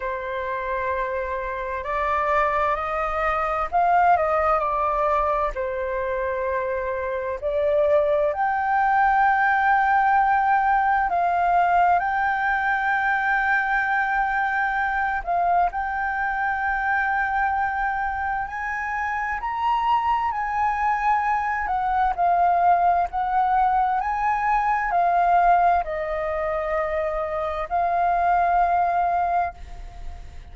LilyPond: \new Staff \with { instrumentName = "flute" } { \time 4/4 \tempo 4 = 65 c''2 d''4 dis''4 | f''8 dis''8 d''4 c''2 | d''4 g''2. | f''4 g''2.~ |
g''8 f''8 g''2. | gis''4 ais''4 gis''4. fis''8 | f''4 fis''4 gis''4 f''4 | dis''2 f''2 | }